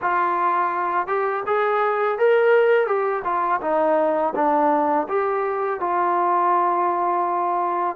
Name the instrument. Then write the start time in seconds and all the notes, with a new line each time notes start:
trombone
0.01 F4
1.06 G4
1.46 G#4
2.18 A#4
2.86 G4
3.24 F4
3.61 D#4
4.35 D4
5.08 G4
5.80 F4